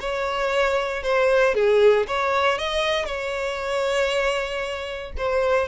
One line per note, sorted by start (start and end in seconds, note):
0.00 1.03 C#5
1.03 1.54 C5
1.54 2.06 G#4
2.07 2.58 C#5
2.58 3.05 D#5
3.05 5.12 C#5
5.17 5.68 C5